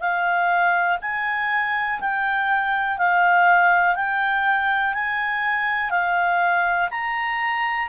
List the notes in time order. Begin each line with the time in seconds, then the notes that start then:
0.00 F5
1.02 G#5
2.01 G5
2.99 F5
3.96 G5
4.94 G#5
5.91 F5
6.91 A#5